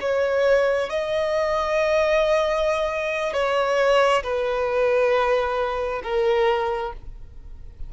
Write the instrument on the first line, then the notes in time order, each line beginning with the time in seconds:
violin
0.00 C#5
0.90 D#5
3.33 C#5
4.23 B4
6.03 A#4